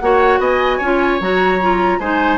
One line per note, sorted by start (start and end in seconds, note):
0.00 0.39 A#3
0.00 0.83 F#4
0.00 0.40 C#5
0.00 0.40 F#5
0.39 0.80 B3
0.39 0.78 D#5
0.39 1.22 G#5
0.78 1.21 C#4
0.78 1.21 F4
0.78 1.99 C#5
1.21 1.99 F#3
1.21 1.61 F#4
1.21 2.00 A#5
1.62 2.02 F4
1.99 2.38 G#3
1.99 2.38 D#4
1.99 2.38 C5
1.99 2.38 G#5